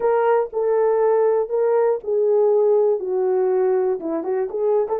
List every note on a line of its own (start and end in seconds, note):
0.00 0.50 A#4
0.52 1.49 A4
1.49 1.99 A#4
2.03 2.99 G#4
2.99 3.99 F#4
4.00 4.23 E4
4.23 4.48 F#4
4.50 4.87 G#4
4.88 4.99 A4